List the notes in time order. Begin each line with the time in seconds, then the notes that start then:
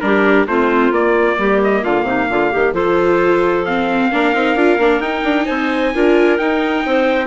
0.00 G3 D4 G4 A#4
0.46 A3 C4 F4 C5
0.91 A#3 D5
1.38 G3 G4
1.63 D#5
1.82 D3 F4 F5
2.02 C3 D#4
2.29 D3 F4
2.51 D#3 G4
2.72 F3 F4 A4 C5
3.65 C4 F5
4.11 A#3 D4 A#4
4.33 C4 D#4
4.54 D4 F4
4.78 A#3 D4
4.99 D#4 G5
5.23 D4
5.45 C4 C5 G#5
5.94 D4 F4 A#4
6.37 D#4 G5
6.85 C4 C5